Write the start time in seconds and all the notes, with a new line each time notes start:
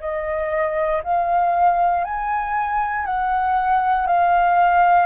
0.00 D#5
1.03 F5
2.04 G#5
3.05 F#5
4.06 F5